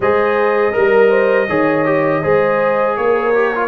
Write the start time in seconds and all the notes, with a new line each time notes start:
0.00 G#3 G#4 C5 D#5
0.72 G3 A#4
1.09 C5
1.48 D#3 G#4 C#5
1.85 G4
2.22 G#3 G#4 C5
2.96 A#3 A#4 C#5
3.35 G4
3.55 F4